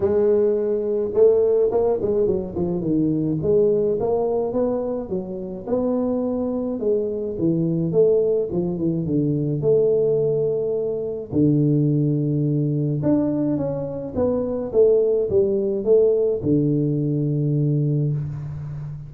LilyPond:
\new Staff \with { instrumentName = "tuba" } { \time 4/4 \tempo 4 = 106 gis2 a4 ais8 gis8 | fis8 f8 dis4 gis4 ais4 | b4 fis4 b2 | gis4 e4 a4 f8 e8 |
d4 a2. | d2. d'4 | cis'4 b4 a4 g4 | a4 d2. | }